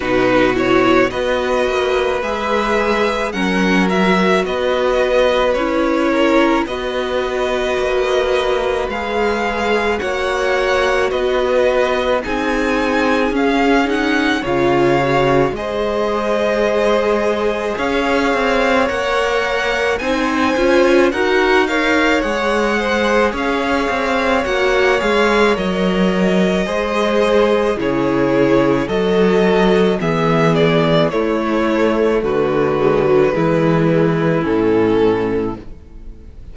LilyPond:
<<
  \new Staff \with { instrumentName = "violin" } { \time 4/4 \tempo 4 = 54 b'8 cis''8 dis''4 e''4 fis''8 e''8 | dis''4 cis''4 dis''2 | f''4 fis''4 dis''4 gis''4 | f''8 fis''8 f''4 dis''2 |
f''4 fis''4 gis''4 fis''8 f''8 | fis''4 f''4 fis''8 f''8 dis''4~ | dis''4 cis''4 dis''4 e''8 d''8 | cis''4 b'2 a'4 | }
  \new Staff \with { instrumentName = "violin" } { \time 4/4 fis'4 b'2 ais'4 | b'4. ais'8 b'2~ | b'4 cis''4 b'4 gis'4~ | gis'4 cis''4 c''2 |
cis''2 c''4 ais'8 cis''8~ | cis''8 c''8 cis''2. | c''4 gis'4 a'4 gis'4 | e'4 fis'4 e'2 | }
  \new Staff \with { instrumentName = "viola" } { \time 4/4 dis'8 e'8 fis'4 gis'4 cis'8 fis'8~ | fis'4 e'4 fis'2 | gis'4 fis'2 dis'4 | cis'8 dis'8 f'8 fis'8 gis'2~ |
gis'4 ais'4 dis'8 f'8 fis'8 ais'8 | gis'2 fis'8 gis'8 ais'4 | gis'4 e'4 fis'4 b4 | a4. gis16 fis16 gis4 cis'4 | }
  \new Staff \with { instrumentName = "cello" } { \time 4/4 b,4 b8 ais8 gis4 fis4 | b4 cis'4 b4 ais4 | gis4 ais4 b4 c'4 | cis'4 cis4 gis2 |
cis'8 c'8 ais4 c'8 cis'8 dis'4 | gis4 cis'8 c'8 ais8 gis8 fis4 | gis4 cis4 fis4 e4 | a4 d4 e4 a,4 | }
>>